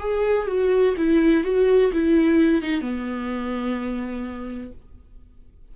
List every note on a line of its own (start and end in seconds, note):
0.00 0.47 G#4
0.47 0.95 F#4
0.97 1.44 E4
1.44 1.92 F#4
1.93 2.62 E4
2.62 2.81 D#4
2.81 4.72 B3